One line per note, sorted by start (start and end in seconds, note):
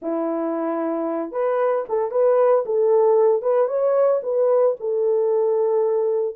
0.01 1.31 E4
1.31 1.84 B4
1.88 2.11 A4
2.11 2.64 B4
2.65 3.42 A4
3.42 3.67 B4
3.67 4.20 C#5
4.22 4.75 B4
4.79 6.35 A4